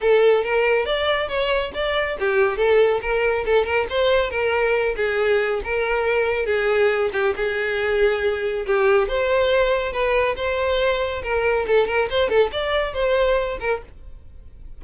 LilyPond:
\new Staff \with { instrumentName = "violin" } { \time 4/4 \tempo 4 = 139 a'4 ais'4 d''4 cis''4 | d''4 g'4 a'4 ais'4 | a'8 ais'8 c''4 ais'4. gis'8~ | gis'4 ais'2 gis'4~ |
gis'8 g'8 gis'2. | g'4 c''2 b'4 | c''2 ais'4 a'8 ais'8 | c''8 a'8 d''4 c''4. ais'8 | }